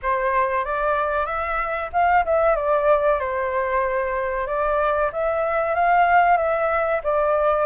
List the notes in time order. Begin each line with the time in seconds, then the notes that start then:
0.02 C5
0.64 D5
1.26 E5
1.92 F5
2.25 E5
2.55 D5
3.19 C5
4.47 D5
5.12 E5
5.74 F5
6.37 E5
7.03 D5